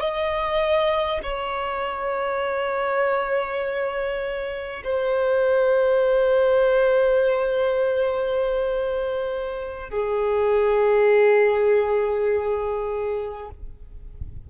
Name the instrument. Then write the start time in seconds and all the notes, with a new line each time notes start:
violin
0.00 D#5
1.23 C#5
4.84 C5
9.90 G#4